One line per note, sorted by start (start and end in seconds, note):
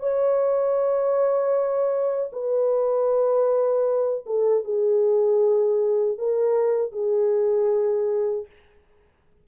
0.00 2.31 C#5
2.33 4.25 B4
4.27 4.64 A4
4.64 6.18 G#4
6.18 6.92 A#4
6.92 8.46 G#4